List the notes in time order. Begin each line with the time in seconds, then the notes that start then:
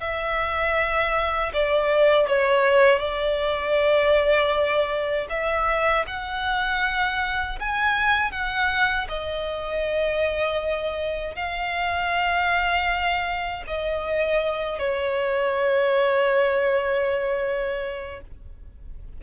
0.00 E5
1.53 D5
2.27 C#5
2.99 D5
5.29 E5
6.07 F#5
7.59 G#5
8.31 F#5
9.08 D#5
11.35 F5
13.67 D#5
14.79 C#5